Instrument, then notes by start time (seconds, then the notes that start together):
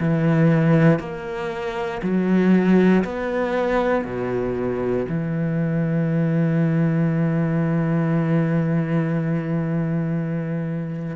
cello
0.00 E3
1.00 A#3
2.02 F#3
3.05 B3
4.05 B2
5.09 E3